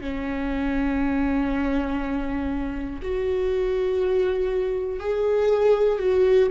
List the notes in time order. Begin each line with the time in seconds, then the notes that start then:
0.00 C#4
3.01 F#4
5.00 G#4
5.99 F#4